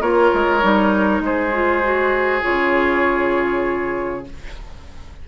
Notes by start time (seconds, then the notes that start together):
0.00 A#3 F4 A#4 C#5
0.33 G#3
0.61 G3 D#4
1.20 G#3 G#4 C5
1.52 F4
1.82 F#4
2.42 C#3 F4 C#5